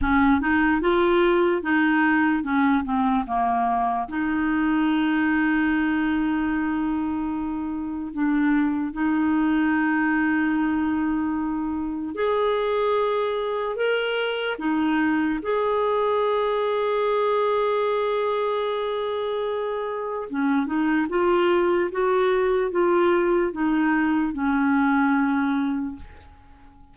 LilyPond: \new Staff \with { instrumentName = "clarinet" } { \time 4/4 \tempo 4 = 74 cis'8 dis'8 f'4 dis'4 cis'8 c'8 | ais4 dis'2.~ | dis'2 d'4 dis'4~ | dis'2. gis'4~ |
gis'4 ais'4 dis'4 gis'4~ | gis'1~ | gis'4 cis'8 dis'8 f'4 fis'4 | f'4 dis'4 cis'2 | }